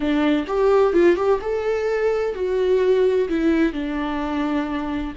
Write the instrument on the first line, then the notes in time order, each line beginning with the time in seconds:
viola
0.00 D4
0.47 G4
0.93 F4
1.16 G4
1.41 A4
2.34 F#4
3.28 E4
3.73 D4